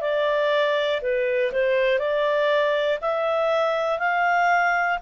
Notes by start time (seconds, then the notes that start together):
0.00 D5
1.01 B4
1.52 C5
1.98 D5
3.00 E5
3.98 F5